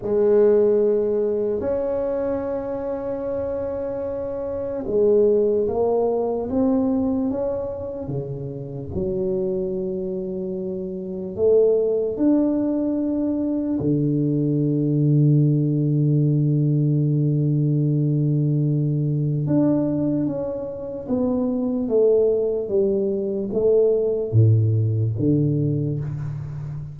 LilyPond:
\new Staff \with { instrumentName = "tuba" } { \time 4/4 \tempo 4 = 74 gis2 cis'2~ | cis'2 gis4 ais4 | c'4 cis'4 cis4 fis4~ | fis2 a4 d'4~ |
d'4 d2.~ | d1 | d'4 cis'4 b4 a4 | g4 a4 a,4 d4 | }